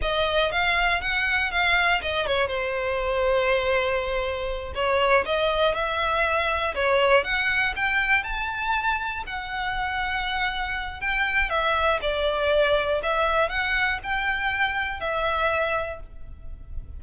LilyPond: \new Staff \with { instrumentName = "violin" } { \time 4/4 \tempo 4 = 120 dis''4 f''4 fis''4 f''4 | dis''8 cis''8 c''2.~ | c''4. cis''4 dis''4 e''8~ | e''4. cis''4 fis''4 g''8~ |
g''8 a''2 fis''4.~ | fis''2 g''4 e''4 | d''2 e''4 fis''4 | g''2 e''2 | }